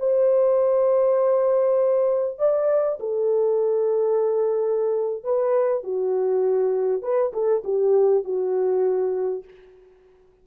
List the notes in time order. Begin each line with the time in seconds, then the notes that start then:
0.00 C5
2.39 D5
3.00 A4
5.24 B4
5.84 F#4
7.03 B4
7.34 A4
7.65 G4
8.25 F#4